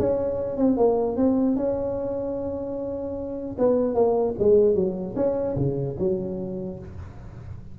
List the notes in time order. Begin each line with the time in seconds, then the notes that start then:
0.00 C#4
0.57 C4
0.77 A#3
1.17 C4
1.57 C#4
3.59 B3
3.95 A#3
4.39 G#3
4.75 F#3
5.16 C#4
5.57 C#3
5.99 F#3